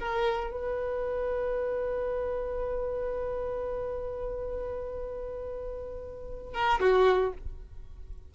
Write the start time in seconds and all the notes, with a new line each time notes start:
0.00 A#4
0.51 B4
6.55 A#4
6.81 F#4